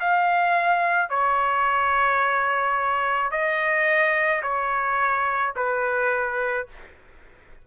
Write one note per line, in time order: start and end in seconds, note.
0.00 1.10 F5
1.10 3.31 C#5
3.31 4.42 D#5
4.43 5.54 C#5
5.56 6.67 B4